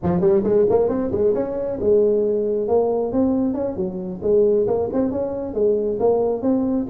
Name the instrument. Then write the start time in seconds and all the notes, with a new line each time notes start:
tuba
0.02 F3
0.20 G3
0.43 G#3
0.69 A#3
0.88 C4
1.11 G#3
1.34 C#4
1.80 G#3
2.67 A#3
3.12 C4
3.54 C#4
3.76 F#3
4.22 G#3
4.67 A#3
4.92 C4
5.11 C#4
5.54 G#3
5.99 A#3
6.41 C4